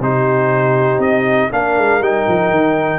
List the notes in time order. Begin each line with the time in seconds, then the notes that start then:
0.00 C3 D#4 G4 C5
0.99 C4 D#5
1.52 A#3 D4 A#4 F5
1.78 G#3
2.01 G3 D#4 G5
2.28 F3
2.51 D#3